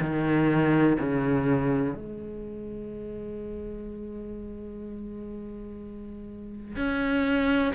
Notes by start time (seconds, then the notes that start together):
0.00 D#3
0.99 C#3
1.94 G#3
6.76 C#4